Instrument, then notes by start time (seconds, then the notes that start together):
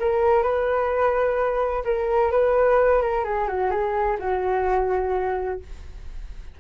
flute
0.00 A#4
0.43 B4
1.85 A#4
2.32 B4
3.02 A#4
3.25 G#4
3.48 F#4
3.71 G#4
4.20 F#4